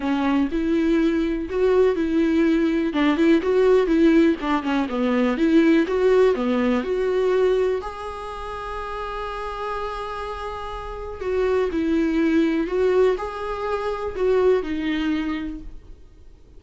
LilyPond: \new Staff \with { instrumentName = "viola" } { \time 4/4 \tempo 4 = 123 cis'4 e'2 fis'4 | e'2 d'8 e'8 fis'4 | e'4 d'8 cis'8 b4 e'4 | fis'4 b4 fis'2 |
gis'1~ | gis'2. fis'4 | e'2 fis'4 gis'4~ | gis'4 fis'4 dis'2 | }